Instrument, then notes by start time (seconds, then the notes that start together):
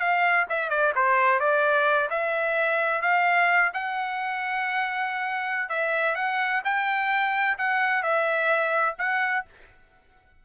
trumpet
0.00 F5
0.50 E5
0.70 D5
0.96 C5
1.40 D5
2.10 E5
3.02 F5
3.74 F#5
5.70 E5
6.16 F#5
6.65 G5
7.58 F#5
8.03 E5
8.99 F#5